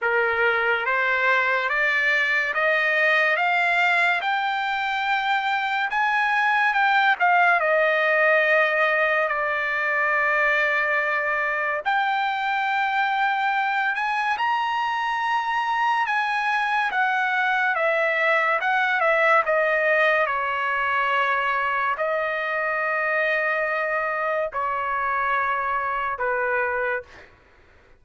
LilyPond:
\new Staff \with { instrumentName = "trumpet" } { \time 4/4 \tempo 4 = 71 ais'4 c''4 d''4 dis''4 | f''4 g''2 gis''4 | g''8 f''8 dis''2 d''4~ | d''2 g''2~ |
g''8 gis''8 ais''2 gis''4 | fis''4 e''4 fis''8 e''8 dis''4 | cis''2 dis''2~ | dis''4 cis''2 b'4 | }